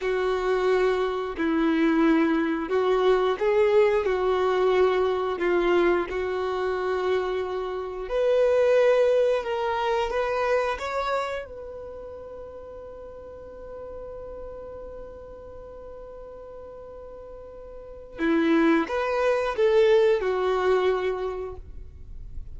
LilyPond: \new Staff \with { instrumentName = "violin" } { \time 4/4 \tempo 4 = 89 fis'2 e'2 | fis'4 gis'4 fis'2 | f'4 fis'2. | b'2 ais'4 b'4 |
cis''4 b'2.~ | b'1~ | b'2. e'4 | b'4 a'4 fis'2 | }